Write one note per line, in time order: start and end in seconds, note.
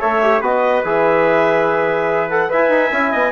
0.00 0.41 A3
0.00 0.22 A4
0.00 0.41 C#5
0.00 0.42 E5
0.23 0.43 G4
0.41 0.82 B3
0.41 0.85 F#4
0.41 2.50 B4
0.41 0.84 D#5
0.84 2.50 E3
0.84 2.30 G#4
0.84 2.29 E5
2.29 2.49 A4
2.29 2.50 F#5
2.49 2.69 E4
2.49 2.91 B4
2.49 3.12 E5
2.49 3.31 G#5
2.69 2.90 D#4
2.91 3.13 C#4
2.91 3.31 E4
3.12 3.31 B3
3.12 3.31 D#5